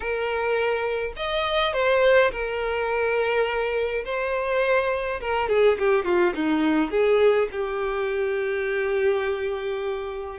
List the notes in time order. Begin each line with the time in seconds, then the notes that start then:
0.00 A#4
1.16 D#5
1.73 C5
2.31 A#4
4.04 C5
5.21 A#4
5.49 G#4
5.78 G4
6.04 F4
6.35 D#4
6.90 G#4
7.51 G4